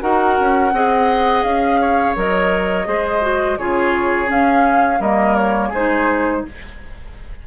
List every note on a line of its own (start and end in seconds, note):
0.00 0.39 D#4
0.00 0.71 F#4
0.00 0.74 A#4
0.00 1.43 F#5
0.40 0.72 C#4
0.72 1.44 C4
0.72 2.16 G#4
0.72 1.80 D#5
1.43 2.15 C#4
1.43 2.15 F5
1.80 2.87 C#5
2.16 2.87 F#3
2.16 2.85 A#4
2.16 3.58 D#5
2.85 3.58 G#3
2.85 3.21 G#4
2.85 3.59 C5
3.21 3.57 F#4
3.58 4.30 C#3
3.58 4.27 F4
3.58 5.00 G#4
3.58 4.29 C#5
4.27 4.98 C#4
4.27 5.00 C#4
4.27 5.02 F5
5.00 5.71 G3
5.00 5.74 A#3
5.00 5.69 A#4
5.00 5.36 D#5
5.36 5.72 C#5
5.69 6.44 G#3
5.69 6.40 G#4
5.69 6.46 C5
5.75 6.47 D#4